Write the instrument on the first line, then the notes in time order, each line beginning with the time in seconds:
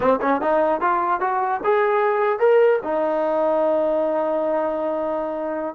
trombone
0.00 C4
0.21 C#4
0.41 D#4
0.81 F4
1.20 F#4
1.64 G#4
2.39 A#4
2.83 D#4